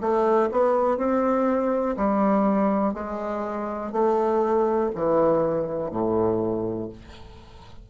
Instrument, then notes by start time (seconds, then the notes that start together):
bassoon
0.00 A3
0.51 B3
0.97 C4
1.96 G3
2.93 G#3
3.92 A3
4.94 E3
5.90 A2